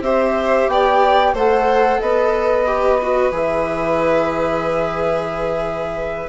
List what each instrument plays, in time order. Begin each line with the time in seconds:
0.00 bassoon C4, viola G4, violin C5, flute E5
0.67 bassoon B3, violin D5, flute G5
1.34 bassoon A3, viola A4, violin C5, flute F#5
2.00 bassoon B3, violin B4, flute D#5
2.66 viola G4
3.02 viola F#4
3.31 bassoon E3, viola G#4, flute E5